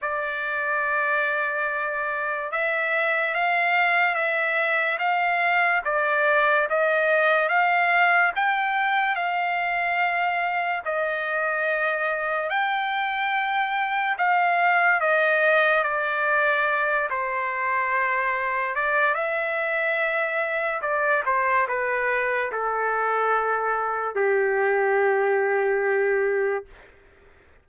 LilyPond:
\new Staff \with { instrumentName = "trumpet" } { \time 4/4 \tempo 4 = 72 d''2. e''4 | f''4 e''4 f''4 d''4 | dis''4 f''4 g''4 f''4~ | f''4 dis''2 g''4~ |
g''4 f''4 dis''4 d''4~ | d''8 c''2 d''8 e''4~ | e''4 d''8 c''8 b'4 a'4~ | a'4 g'2. | }